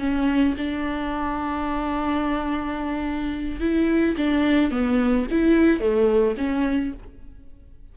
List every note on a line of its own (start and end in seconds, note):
0.00 0.56 C#4
0.58 3.61 D4
3.61 4.16 E4
4.17 4.71 D4
4.71 5.27 B3
5.31 5.81 E4
5.81 6.36 A3
6.38 6.93 C#4